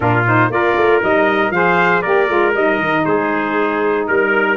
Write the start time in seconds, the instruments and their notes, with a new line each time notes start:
0.00 tuba A#2, saxophone D4, trumpet F4 A#4
0.27 saxophone D#4, trumpet C5
0.49 tuba A#3, saxophone F4, trumpet A#4 D5
0.75 tuba A3
1.01 tuba G3, saxophone D#4, trumpet D#5
1.50 tuba F3, saxophone G#4, trumpet C5 F5
2.01 tuba A#3, saxophone G4, trumpet A#4 D5
2.27 tuba G#3, saxophone F4
2.54 tuba G3, saxophone D#4, trumpet D#5
2.78 tuba D#3
3.05 tuba G#3, trumpet G#4 C5
4.07 tuba G3, trumpet A#4